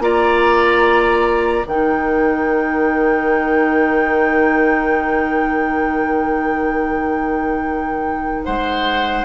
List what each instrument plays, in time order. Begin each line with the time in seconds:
0.00 bassoon A#3, clarinet F4, oboe D5, flute A#5
1.66 bassoon D#3, clarinet D#4, oboe A#4, flute G5
8.45 bassoon G#3, oboe C5, flute F#5